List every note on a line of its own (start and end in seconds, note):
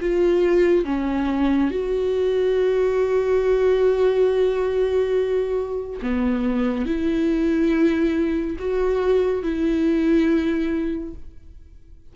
0.00 0.85 F4
0.85 1.70 C#4
1.71 5.99 F#4
6.02 6.85 B3
6.85 8.57 E4
8.59 9.42 F#4
9.42 11.14 E4